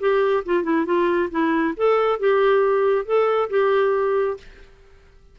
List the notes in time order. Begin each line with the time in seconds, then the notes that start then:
0.00 G4
0.46 F4
0.64 E4
0.86 F4
1.31 E4
1.77 A4
2.19 G4
3.06 A4
3.50 G4